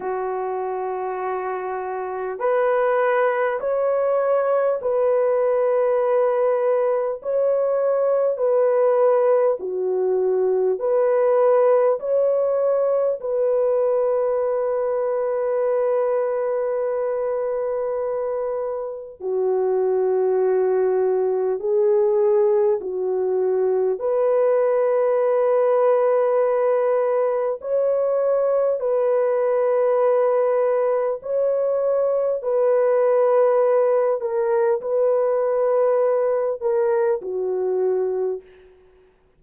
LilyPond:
\new Staff \with { instrumentName = "horn" } { \time 4/4 \tempo 4 = 50 fis'2 b'4 cis''4 | b'2 cis''4 b'4 | fis'4 b'4 cis''4 b'4~ | b'1 |
fis'2 gis'4 fis'4 | b'2. cis''4 | b'2 cis''4 b'4~ | b'8 ais'8 b'4. ais'8 fis'4 | }